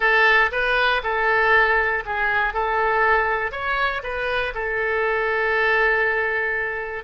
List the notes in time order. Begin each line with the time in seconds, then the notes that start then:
0.00 A4
0.51 B4
1.03 A4
2.05 G#4
2.53 A4
3.51 C#5
4.03 B4
4.54 A4